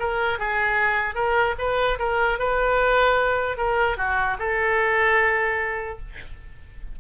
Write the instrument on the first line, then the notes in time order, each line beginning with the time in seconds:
oboe
0.00 A#4
0.39 G#4
1.15 A#4
1.59 B4
1.99 A#4
2.39 B4
3.58 A#4
3.98 F#4
4.39 A4